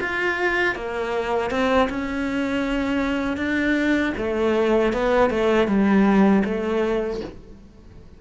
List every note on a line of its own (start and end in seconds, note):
0.00 0.75 F4
0.75 1.50 A#3
1.50 1.88 C4
1.89 3.37 C#4
3.37 4.13 D4
4.17 4.93 A3
4.93 5.30 B3
5.30 5.67 A3
5.67 6.43 G3
6.45 7.20 A3